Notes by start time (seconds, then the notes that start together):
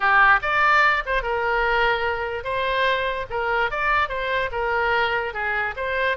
0.00 G4
0.41 D5
1.05 C5
1.22 A#4
2.44 C5
3.30 A#4
3.70 D5
4.09 C5
4.51 A#4
5.33 G#4
5.76 C5